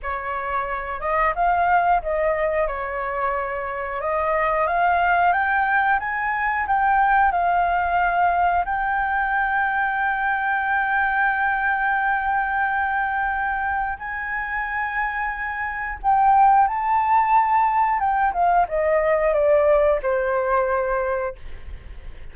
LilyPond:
\new Staff \with { instrumentName = "flute" } { \time 4/4 \tempo 4 = 90 cis''4. dis''8 f''4 dis''4 | cis''2 dis''4 f''4 | g''4 gis''4 g''4 f''4~ | f''4 g''2.~ |
g''1~ | g''4 gis''2. | g''4 a''2 g''8 f''8 | dis''4 d''4 c''2 | }